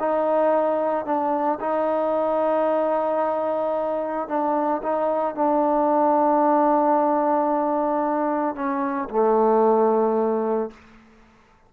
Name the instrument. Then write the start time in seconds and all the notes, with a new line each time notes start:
trombone
0.00 D#4
1.05 D4
1.60 D#4
4.28 D4
4.83 D#4
5.35 D4
8.55 C#4
9.10 A3